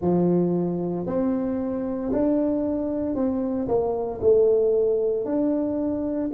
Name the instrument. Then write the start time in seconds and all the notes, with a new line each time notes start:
tuba
0.00 F3
1.06 C4
2.12 D4
3.15 C4
3.67 A#3
4.21 A3
5.25 D4